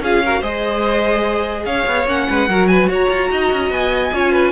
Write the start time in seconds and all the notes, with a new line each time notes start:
0.00 C#4 F4 G#4 F5
0.24 F#4 A#4
0.40 G#3 G#4 C5 D#5
1.65 C#4 C#5 F5
1.87 B3
2.07 A#3 C#4 F#5
2.29 G#3 B4
2.49 F#3 F#4 A#4
2.67 B4 G#5
2.88 F#4 C#5 A#5
3.09 F4
3.31 D#4 D#5
3.52 C#4
3.70 B3 G#5
4.13 C#4 F4 C#5
4.32 B4